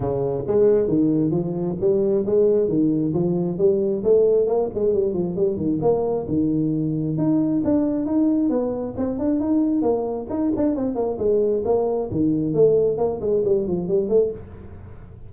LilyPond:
\new Staff \with { instrumentName = "tuba" } { \time 4/4 \tempo 4 = 134 cis4 gis4 dis4 f4 | g4 gis4 dis4 f4 | g4 a4 ais8 gis8 g8 f8 | g8 dis8 ais4 dis2 |
dis'4 d'4 dis'4 b4 | c'8 d'8 dis'4 ais4 dis'8 d'8 | c'8 ais8 gis4 ais4 dis4 | a4 ais8 gis8 g8 f8 g8 a8 | }